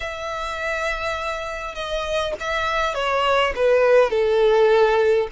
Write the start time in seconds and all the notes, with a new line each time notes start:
0.00 E5
1.75 D#5
2.40 E5
2.94 C#5
3.55 B4
4.10 A4